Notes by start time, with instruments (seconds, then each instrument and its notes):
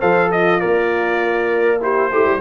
0.00 tuba F3, trombone A4, horn C5, trumpet F5
0.28 horn F4, trumpet D#5
0.60 tuba A#3, trombone A#4, trumpet D5
1.80 trombone E4, horn G4, trumpet C5
2.11 tuba A3, horn E4, trombone G4
2.25 tuba G3